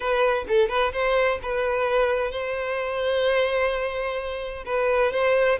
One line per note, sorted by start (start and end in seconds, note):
0.00 0.44 B4
0.48 0.68 A4
0.68 0.92 B4
0.92 1.39 C5
1.42 2.31 B4
2.31 4.63 C5
4.65 5.12 B4
5.12 5.58 C5